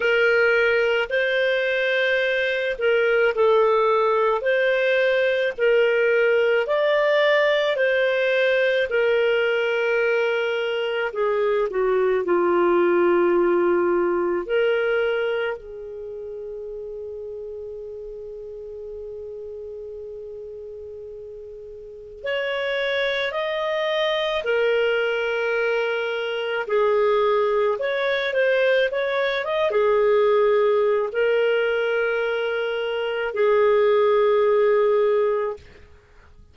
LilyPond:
\new Staff \with { instrumentName = "clarinet" } { \time 4/4 \tempo 4 = 54 ais'4 c''4. ais'8 a'4 | c''4 ais'4 d''4 c''4 | ais'2 gis'8 fis'8 f'4~ | f'4 ais'4 gis'2~ |
gis'1 | cis''4 dis''4 ais'2 | gis'4 cis''8 c''8 cis''8 dis''16 gis'4~ gis'16 | ais'2 gis'2 | }